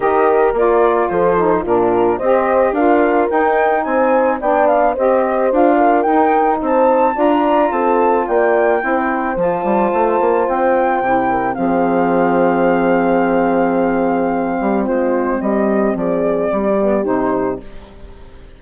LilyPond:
<<
  \new Staff \with { instrumentName = "flute" } { \time 4/4 \tempo 4 = 109 dis''4 d''4 c''4 ais'4 | dis''4 f''4 g''4 gis''4 | g''8 f''8 dis''4 f''4 g''4 | a''4 ais''4 a''4 g''4~ |
g''4 a''2 g''4~ | g''4 f''2.~ | f''2. c''4 | dis''4 d''2 c''4 | }
  \new Staff \with { instrumentName = "horn" } { \time 4/4 ais'2 a'4 f'4 | c''4 ais'2 c''4 | d''4 c''4. ais'4. | c''4 d''4 a'4 d''4 |
c''1~ | c''8 ais'8 gis'2.~ | gis'2~ gis'8 g'8 f'4 | g'4 gis'4 g'2 | }
  \new Staff \with { instrumentName = "saxophone" } { \time 4/4 g'4 f'4. dis'8 d'4 | g'4 f'4 dis'2 | d'4 g'4 f'4 dis'4~ | dis'4 f'2. |
e'4 f'2. | e'4 c'2.~ | c'1~ | c'2~ c'8 b8 dis'4 | }
  \new Staff \with { instrumentName = "bassoon" } { \time 4/4 dis4 ais4 f4 ais,4 | c'4 d'4 dis'4 c'4 | b4 c'4 d'4 dis'4 | c'4 d'4 c'4 ais4 |
c'4 f8 g8 a8 ais8 c'4 | c4 f2.~ | f2~ f8 g8 gis4 | g4 f4 g4 c4 | }
>>